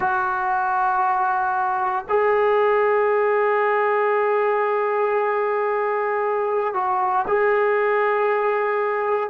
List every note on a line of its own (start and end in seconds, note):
0.00 2.05 F#4
2.08 6.73 G#4
6.73 7.25 F#4
7.27 9.29 G#4